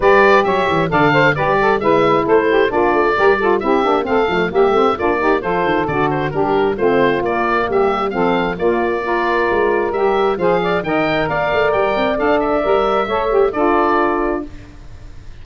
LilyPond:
<<
  \new Staff \with { instrumentName = "oboe" } { \time 4/4 \tempo 4 = 133 d''4 e''4 f''4 d''4 | e''4 c''4 d''2 | e''4 f''4 e''4 d''4 | c''4 d''8 c''8 ais'4 c''4 |
d''4 e''4 f''4 d''4~ | d''2 e''4 f''4 | g''4 f''4 g''4 f''8 e''8~ | e''2 d''2 | }
  \new Staff \with { instrumentName = "saxophone" } { \time 4/4 b'4 cis''4 d''8 c''8 b'8 a'8 | b'4 a'8 g'8 f'4 ais'8 a'8 | g'4 a'4 g'4 f'8 g'8 | a'2 g'4 f'4~ |
f'4 g'4 a'4 f'4 | ais'2. c''8 d''8 | dis''4 d''2.~ | d''4 cis''4 a'2 | }
  \new Staff \with { instrumentName = "saxophone" } { \time 4/4 g'2 a'4 g'4 | e'2 d'4 g'8 f'8 | e'8 d'8 c'8 a8 ais8 c'8 d'8 dis'8 | f'4 fis'4 d'4 c'4 |
ais2 c'4 ais4 | f'2 g'4 gis'4 | ais'2. a'4 | ais'4 a'8 g'8 f'2 | }
  \new Staff \with { instrumentName = "tuba" } { \time 4/4 g4 fis8 e8 d4 g4 | gis4 a4 ais8 a8 g4 | c'8 ais8 a8 f8 g8 a8 ais4 | f8 dis8 d4 g4 a4 |
ais4 g4 f4 ais4~ | ais4 gis4 g4 f4 | dis4 ais8 a8 g8 c'8 d'4 | g4 a4 d'2 | }
>>